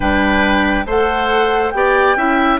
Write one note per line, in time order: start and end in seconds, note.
0.00 0.85 G3
0.00 0.85 D4
0.00 0.85 B4
0.00 0.87 G5
0.85 1.72 A3
0.85 1.74 A4
0.85 1.73 C5
0.85 1.70 F#5
1.70 2.16 B3
1.70 2.17 G4
1.70 2.17 D5
1.70 2.57 G5
2.16 2.59 C#4
2.16 2.59 E4
2.16 2.59 E5